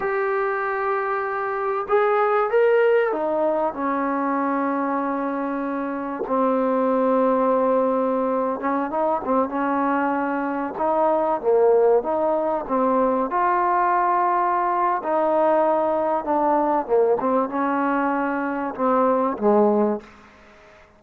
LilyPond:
\new Staff \with { instrumentName = "trombone" } { \time 4/4 \tempo 4 = 96 g'2. gis'4 | ais'4 dis'4 cis'2~ | cis'2 c'2~ | c'4.~ c'16 cis'8 dis'8 c'8 cis'8.~ |
cis'4~ cis'16 dis'4 ais4 dis'8.~ | dis'16 c'4 f'2~ f'8. | dis'2 d'4 ais8 c'8 | cis'2 c'4 gis4 | }